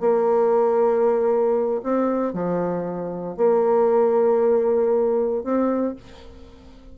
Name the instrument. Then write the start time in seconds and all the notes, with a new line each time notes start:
bassoon
0.00 A#3
1.83 C4
2.33 F3
3.37 A#3
5.44 C4